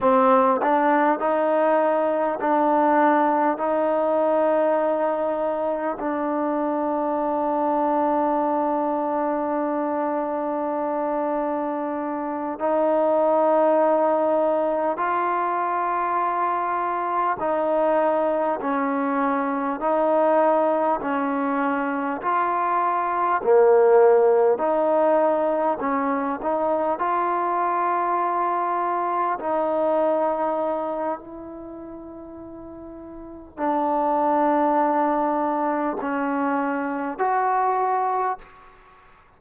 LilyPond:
\new Staff \with { instrumentName = "trombone" } { \time 4/4 \tempo 4 = 50 c'8 d'8 dis'4 d'4 dis'4~ | dis'4 d'2.~ | d'2~ d'8 dis'4.~ | dis'8 f'2 dis'4 cis'8~ |
cis'8 dis'4 cis'4 f'4 ais8~ | ais8 dis'4 cis'8 dis'8 f'4.~ | f'8 dis'4. e'2 | d'2 cis'4 fis'4 | }